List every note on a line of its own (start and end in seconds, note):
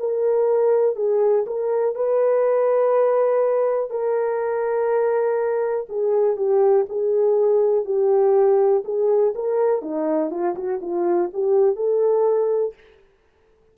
0.00 0.97 A#4
0.97 1.46 G#4
1.47 1.95 A#4
1.95 3.90 B4
3.90 5.87 A#4
5.89 6.37 G#4
6.37 6.86 G4
6.89 7.86 G#4
7.86 8.84 G4
8.85 9.34 G#4
9.35 9.82 A#4
9.82 10.31 D#4
10.31 10.56 F4
10.56 10.80 F#4
10.82 11.31 F4
11.34 11.76 G4
11.76 12.75 A4